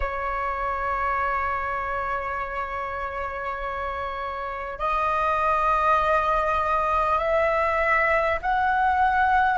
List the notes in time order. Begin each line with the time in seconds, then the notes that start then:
0.00 C#5
4.78 D#5
7.18 E5
8.42 F#5